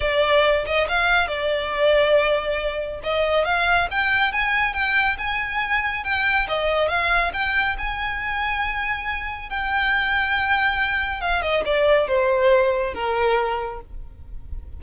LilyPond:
\new Staff \with { instrumentName = "violin" } { \time 4/4 \tempo 4 = 139 d''4. dis''8 f''4 d''4~ | d''2. dis''4 | f''4 g''4 gis''4 g''4 | gis''2 g''4 dis''4 |
f''4 g''4 gis''2~ | gis''2 g''2~ | g''2 f''8 dis''8 d''4 | c''2 ais'2 | }